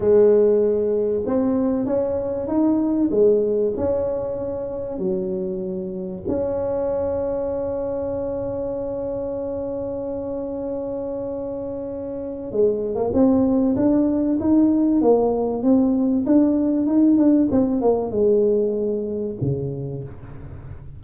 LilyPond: \new Staff \with { instrumentName = "tuba" } { \time 4/4 \tempo 4 = 96 gis2 c'4 cis'4 | dis'4 gis4 cis'2 | fis2 cis'2~ | cis'1~ |
cis'1 | gis8. ais16 c'4 d'4 dis'4 | ais4 c'4 d'4 dis'8 d'8 | c'8 ais8 gis2 cis4 | }